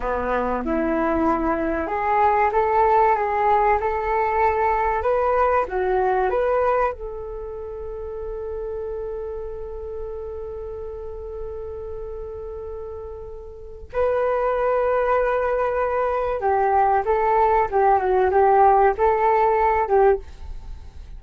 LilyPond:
\new Staff \with { instrumentName = "flute" } { \time 4/4 \tempo 4 = 95 b4 e'2 gis'4 | a'4 gis'4 a'2 | b'4 fis'4 b'4 a'4~ | a'1~ |
a'1~ | a'2 b'2~ | b'2 g'4 a'4 | g'8 fis'8 g'4 a'4. g'8 | }